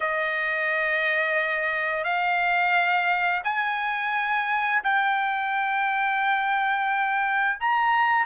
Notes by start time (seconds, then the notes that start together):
0.00 D#5
2.03 F5
3.44 G#5
4.83 G5
7.60 A#5